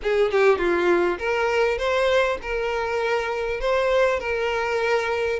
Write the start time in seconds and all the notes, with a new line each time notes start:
0.02 G#4
0.31 G4
0.58 F4
1.18 A#4
1.78 C5
2.42 A#4
3.60 C5
4.19 A#4